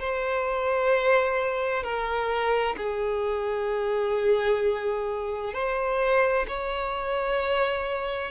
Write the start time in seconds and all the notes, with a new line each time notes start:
0.00 C5
1.83 A#4
2.77 G#4
5.54 C5
6.48 C#5